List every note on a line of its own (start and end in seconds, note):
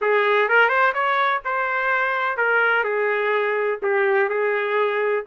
0.01 0.48 G#4
0.48 0.69 A#4
0.69 0.92 C5
0.94 1.41 C#5
1.45 2.37 C5
2.37 2.84 A#4
2.84 3.79 G#4
3.82 4.29 G4
4.29 5.24 G#4